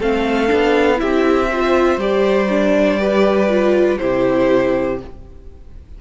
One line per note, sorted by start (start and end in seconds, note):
0.00 0.50 A3
0.00 0.48 C4
0.00 1.00 A4
0.00 1.00 F5
0.48 1.02 B3
0.48 0.96 D4
0.96 1.46 E4
0.96 1.51 G4
0.96 2.00 E5
1.03 1.98 C4
1.52 2.00 F4
1.52 3.00 C5
1.98 3.98 G3
1.98 2.50 G4
1.98 3.99 D5
2.50 3.00 D4
3.00 3.49 G4
3.00 4.00 B4
3.49 3.99 F4
3.99 5.02 C3
3.99 5.00 E4
3.99 5.02 G4
3.99 4.99 C5